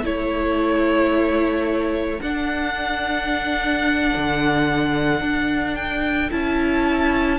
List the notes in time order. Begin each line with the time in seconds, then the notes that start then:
0.00 A3 E4 A4 C#5
2.21 D4 F#5
4.16 D3
5.20 D4
5.75 G5
6.30 C#4 E4 A5